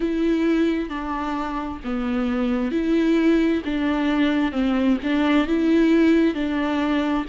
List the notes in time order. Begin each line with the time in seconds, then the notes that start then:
0.00 E4
0.88 D4
1.84 B3
2.71 E4
3.64 D4
4.52 C4
5.03 D4
5.47 E4
6.34 D4